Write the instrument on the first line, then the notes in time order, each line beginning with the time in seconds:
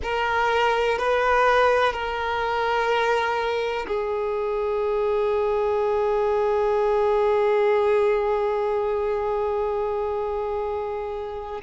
violin
0.03 A#4
0.98 B4
1.92 A#4
3.87 G#4